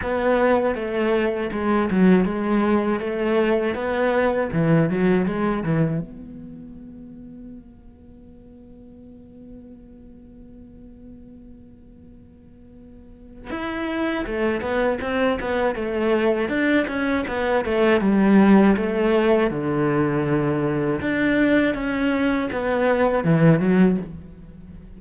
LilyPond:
\new Staff \with { instrumentName = "cello" } { \time 4/4 \tempo 4 = 80 b4 a4 gis8 fis8 gis4 | a4 b4 e8 fis8 gis8 e8 | b1~ | b1~ |
b2 e'4 a8 b8 | c'8 b8 a4 d'8 cis'8 b8 a8 | g4 a4 d2 | d'4 cis'4 b4 e8 fis8 | }